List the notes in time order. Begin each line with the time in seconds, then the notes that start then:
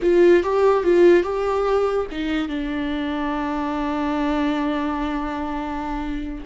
0.02 F4
0.43 G4
0.83 F4
1.23 G4
2.11 D#4
2.48 D4